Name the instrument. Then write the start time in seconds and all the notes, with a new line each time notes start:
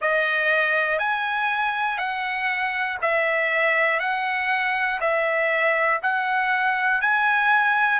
trumpet
0.01 D#5
0.98 G#5
1.98 F#5
3.01 E5
4.00 F#5
5.00 E5
6.02 F#5
7.00 G#5